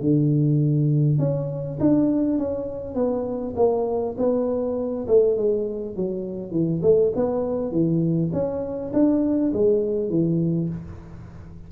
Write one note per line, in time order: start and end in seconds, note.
0.00 1.19 D3
1.19 1.78 C#4
1.80 2.38 D4
2.38 2.95 C#4
2.95 3.54 B3
3.56 4.15 A#3
4.17 5.06 B3
5.07 5.37 A3
5.37 5.95 G#3
5.95 6.51 F#3
6.51 6.81 E3
6.82 7.12 A3
7.15 7.71 B3
7.71 8.31 E3
8.32 8.92 C#4
8.93 9.52 D4
9.53 10.09 G#3
10.09 10.68 E3